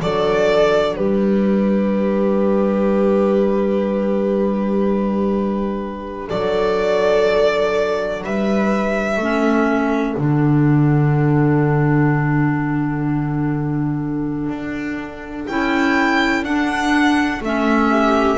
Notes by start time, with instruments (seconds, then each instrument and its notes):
0.00 double bass F#3, clarinet D4, viola A4, violin D5
0.96 double bass G3, viola G4, violin B4
6.29 double bass F#3, viola A4, violin D5
8.23 double bass G3, viola B4, violin E5
9.17 double bass A3, clarinet C#4, viola A4
10.15 double bass D3, clarinet D4, violin F#5
14.49 double bass D4
15.47 double bass C#4, clarinet E4, violin G5
16.42 double bass D4, clarinet D4, violin F#5
17.40 double bass A3, clarinet C#4, violin E5
17.90 viola G4